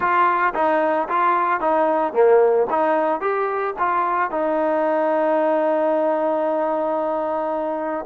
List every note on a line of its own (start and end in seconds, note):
0.00 0.53 F4
0.54 1.08 D#4
1.08 1.60 F4
1.60 2.13 D#4
2.13 2.66 A#3
2.70 3.20 D#4
3.20 3.74 G4
3.79 4.30 F4
4.30 8.05 D#4